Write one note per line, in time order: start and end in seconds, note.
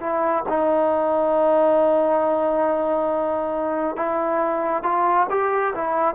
0.00 0.44 E4
0.49 3.96 D#4
3.96 4.83 E4
4.83 5.27 F4
5.29 5.74 G4
5.75 6.14 E4